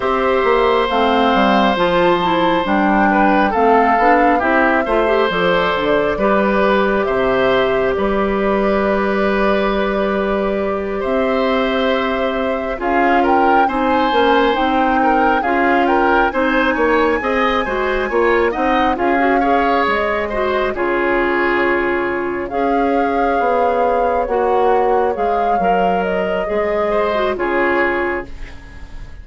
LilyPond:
<<
  \new Staff \with { instrumentName = "flute" } { \time 4/4 \tempo 4 = 68 e''4 f''4 a''4 g''4 | f''4 e''4 d''2 | e''4 d''2.~ | d''8 e''2 f''8 g''8 gis''8~ |
gis''8 g''4 f''8 g''8 gis''4.~ | gis''4 fis''8 f''4 dis''4 cis''8~ | cis''4. f''2 fis''8~ | fis''8 f''4 dis''4. cis''4 | }
  \new Staff \with { instrumentName = "oboe" } { \time 4/4 c''2.~ c''8 b'8 | a'4 g'8 c''4. b'4 | c''4 b'2.~ | b'8 c''2 gis'8 ais'8 c''8~ |
c''4 ais'8 gis'8 ais'8 c''8 cis''8 dis''8 | c''8 cis''8 dis''8 gis'8 cis''4 c''8 gis'8~ | gis'4. cis''2~ cis''8~ | cis''2~ cis''8 c''8 gis'4 | }
  \new Staff \with { instrumentName = "clarinet" } { \time 4/4 g'4 c'4 f'8 e'8 d'4 | c'8 d'8 e'8 f'16 g'16 a'4 g'4~ | g'1~ | g'2~ g'8 f'4 dis'8 |
cis'8 dis'4 f'4 dis'4 gis'8 | fis'8 f'8 dis'8 f'16 fis'16 gis'4 fis'8 f'8~ | f'4. gis'2 fis'8~ | fis'8 gis'8 ais'4 gis'8. fis'16 f'4 | }
  \new Staff \with { instrumentName = "bassoon" } { \time 4/4 c'8 ais8 a8 g8 f4 g4 | a8 b8 c'8 a8 f8 d8 g4 | c4 g2.~ | g8 c'2 cis'4 c'8 |
ais8 c'4 cis'4 c'8 ais8 c'8 | gis8 ais8 c'8 cis'4 gis4 cis8~ | cis4. cis'4 b4 ais8~ | ais8 gis8 fis4 gis4 cis4 | }
>>